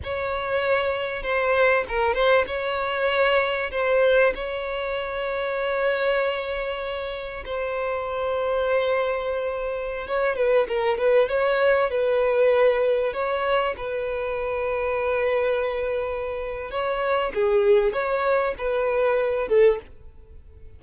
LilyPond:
\new Staff \with { instrumentName = "violin" } { \time 4/4 \tempo 4 = 97 cis''2 c''4 ais'8 c''8 | cis''2 c''4 cis''4~ | cis''1 | c''1~ |
c''16 cis''8 b'8 ais'8 b'8 cis''4 b'8.~ | b'4~ b'16 cis''4 b'4.~ b'16~ | b'2. cis''4 | gis'4 cis''4 b'4. a'8 | }